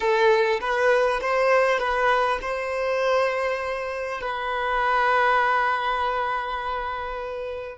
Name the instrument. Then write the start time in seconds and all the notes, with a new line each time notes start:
violin
0.00 A4
0.60 B4
1.21 C5
1.79 B4
2.41 C5
4.21 B4